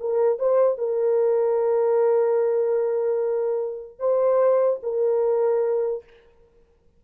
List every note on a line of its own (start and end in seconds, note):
0.00 0.39 A#4
0.39 0.78 C5
0.78 3.99 A#4
3.99 4.80 C5
4.83 6.04 A#4